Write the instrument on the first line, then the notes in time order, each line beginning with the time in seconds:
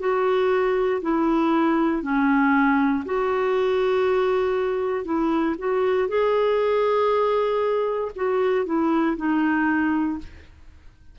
clarinet
0.00 F#4
1.02 E4
2.03 C#4
3.06 F#4
5.05 E4
5.59 F#4
6.09 G#4
8.16 F#4
8.66 E4
9.17 D#4